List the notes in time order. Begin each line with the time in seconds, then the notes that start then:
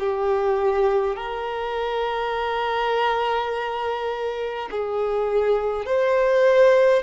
0.00 G4
1.17 A#4
4.72 G#4
5.86 C5